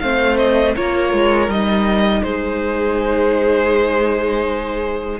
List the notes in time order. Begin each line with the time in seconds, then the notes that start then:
0.00 A3 C4 C5 F5
0.37 D#5
0.76 A#3 F4 A#4 C#5
1.13 G#3
1.48 G3 D#4 D#5
2.23 G#3 G#4 C5